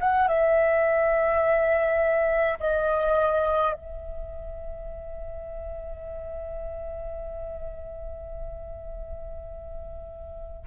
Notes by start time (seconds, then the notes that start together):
0.00 F#5
0.27 E5
2.59 D#5
3.73 E5